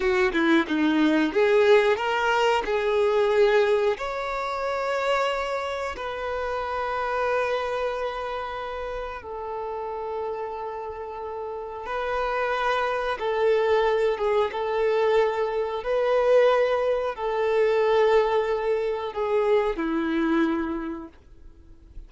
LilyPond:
\new Staff \with { instrumentName = "violin" } { \time 4/4 \tempo 4 = 91 fis'8 e'8 dis'4 gis'4 ais'4 | gis'2 cis''2~ | cis''4 b'2.~ | b'2 a'2~ |
a'2 b'2 | a'4. gis'8 a'2 | b'2 a'2~ | a'4 gis'4 e'2 | }